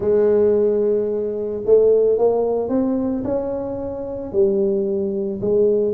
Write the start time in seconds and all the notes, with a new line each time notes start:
0.00 G#3
1.65 A3
2.18 A#3
2.69 C4
3.24 C#4
4.32 G3
5.41 G#3